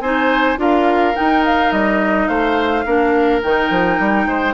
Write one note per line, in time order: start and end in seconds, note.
0.00 0.57 C4
0.00 0.57 D#4
0.00 0.59 C5
0.00 0.57 G#5
0.57 1.14 D4
0.57 1.13 F4
0.57 2.28 A#4
0.57 1.16 F5
1.15 2.85 D#4
1.15 1.71 D#4
1.15 1.44 G5
1.45 1.72 F5
1.71 2.28 G3
1.71 2.28 D#5
2.28 2.85 A3
2.28 2.85 C5
2.28 3.41 F5
2.85 3.42 A#3
2.85 3.42 D4
2.85 4.27 A#4
3.43 3.70 D#3
3.43 4.54 D#4
3.43 4.54 G5
3.70 3.98 F3
3.99 4.26 G3
4.26 4.54 G#3
4.26 4.54 C5